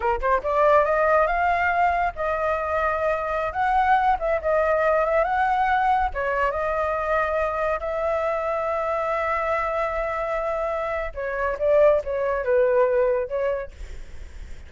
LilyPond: \new Staff \with { instrumentName = "flute" } { \time 4/4 \tempo 4 = 140 ais'8 c''8 d''4 dis''4 f''4~ | f''4 dis''2.~ | dis''16 fis''4. e''8 dis''4. e''16~ | e''16 fis''2 cis''4 dis''8.~ |
dis''2~ dis''16 e''4.~ e''16~ | e''1~ | e''2 cis''4 d''4 | cis''4 b'2 cis''4 | }